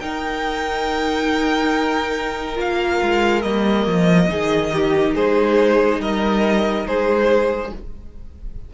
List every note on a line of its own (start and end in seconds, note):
0.00 2.55 D#4
0.00 2.58 D#4
0.00 4.29 A#4
0.00 2.57 G5
2.55 3.01 A#3
2.55 3.41 F4
2.55 3.42 F5
3.02 3.43 G#3
3.42 3.86 G3
3.42 4.29 A#3
3.42 5.13 D#5
3.86 4.29 F3
4.29 5.14 D#3
4.29 7.71 D#4
4.29 4.71 G#4
4.73 5.15 G4
5.14 5.99 G#3
5.14 6.00 G#4
5.14 6.01 C5
5.99 6.84 G3
5.99 6.86 A#4
5.99 6.87 D#5
6.86 7.72 G#3
6.86 7.73 G#4
6.86 7.72 C5